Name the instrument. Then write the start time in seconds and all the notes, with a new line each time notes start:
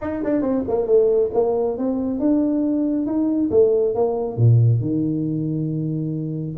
tuba
0.01 D#4
0.24 D4
0.41 C4
0.68 A#3
0.86 A3
1.33 A#3
1.77 C4
2.19 D4
3.06 D#4
3.50 A3
3.94 A#3
4.37 A#2
4.81 D#3